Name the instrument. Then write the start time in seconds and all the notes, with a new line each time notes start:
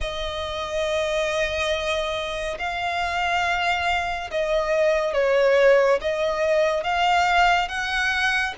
violin
0.00 D#5
2.59 F5
4.31 D#5
5.14 C#5
6.01 D#5
6.83 F5
7.68 F#5